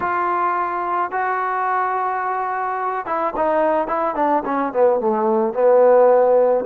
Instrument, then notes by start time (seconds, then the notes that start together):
trombone
0.00 F4
1.11 F#4
3.06 E4
3.36 D#4
3.87 E4
4.15 D4
4.45 C#4
4.72 B3
4.99 A3
5.53 B3